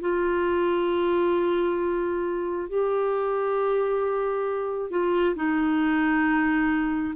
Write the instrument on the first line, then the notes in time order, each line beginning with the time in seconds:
clarinet
0.00 F4
2.69 G4
4.90 F4
5.35 D#4